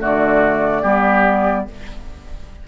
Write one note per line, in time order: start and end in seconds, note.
0.00 0.83 D3
0.00 0.82 A3
0.00 0.82 F#4
0.00 1.68 D5
0.82 1.67 G3
0.82 1.66 B3
0.82 1.65 G4